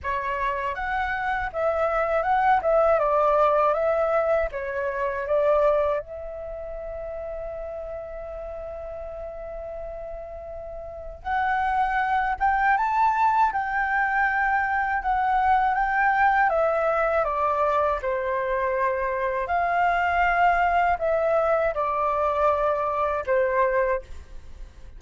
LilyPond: \new Staff \with { instrumentName = "flute" } { \time 4/4 \tempo 4 = 80 cis''4 fis''4 e''4 fis''8 e''8 | d''4 e''4 cis''4 d''4 | e''1~ | e''2. fis''4~ |
fis''8 g''8 a''4 g''2 | fis''4 g''4 e''4 d''4 | c''2 f''2 | e''4 d''2 c''4 | }